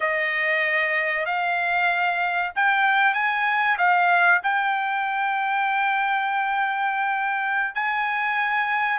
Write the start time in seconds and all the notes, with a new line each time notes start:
0.00 D#5
1.25 F5
2.55 G5
3.13 G#5
3.78 F5
4.43 G5
7.74 G#5